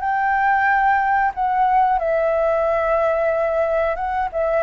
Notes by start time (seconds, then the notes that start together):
0.00 G5
1.34 F#5
1.98 E5
3.95 F#5
4.32 E5